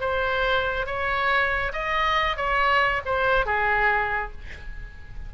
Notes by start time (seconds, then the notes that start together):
0.00 C5
0.86 C#5
1.72 D#5
2.37 C#5
3.05 C5
3.46 G#4